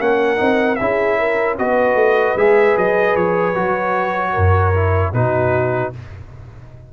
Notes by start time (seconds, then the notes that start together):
0.00 A#3 C#4 A#4 F#5
0.37 C4 D#4
0.76 C#4 E4 G#4 E5
1.19 A#4
1.59 B3 F#4 B4 D#5
1.95 A3
2.36 G#3 G#4 E5
2.77 F#3 D#5
3.15 F3 C#5
3.55 F#3 F#4
4.33 F#2 A#4
4.74 E4
5.13 B2 D#4 F#4 B4